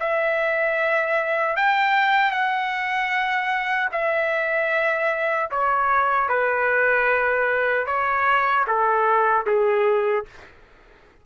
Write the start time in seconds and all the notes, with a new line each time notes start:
0.00 E5
1.56 G5
2.31 F#5
3.92 E5
5.51 C#5
6.29 B4
7.86 C#5
8.67 A4
9.46 G#4